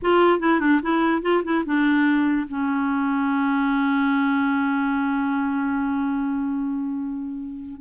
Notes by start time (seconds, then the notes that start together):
0.02 F4
0.39 E4
0.60 D4
0.82 E4
1.22 F4
1.44 E4
1.65 D4
2.48 C#4